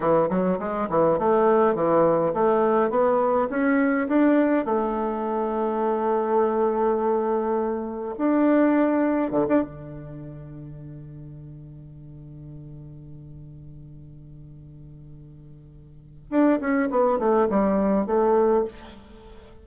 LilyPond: \new Staff \with { instrumentName = "bassoon" } { \time 4/4 \tempo 4 = 103 e8 fis8 gis8 e8 a4 e4 | a4 b4 cis'4 d'4 | a1~ | a2 d'2 |
d16 d'16 d2.~ d8~ | d1~ | d1 | d'8 cis'8 b8 a8 g4 a4 | }